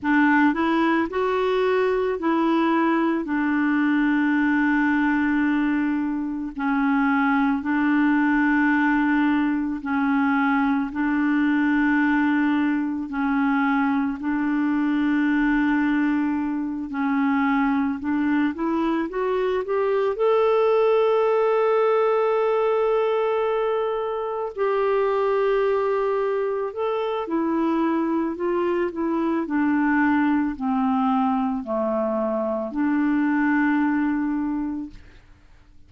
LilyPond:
\new Staff \with { instrumentName = "clarinet" } { \time 4/4 \tempo 4 = 55 d'8 e'8 fis'4 e'4 d'4~ | d'2 cis'4 d'4~ | d'4 cis'4 d'2 | cis'4 d'2~ d'8 cis'8~ |
cis'8 d'8 e'8 fis'8 g'8 a'4.~ | a'2~ a'8 g'4.~ | g'8 a'8 e'4 f'8 e'8 d'4 | c'4 a4 d'2 | }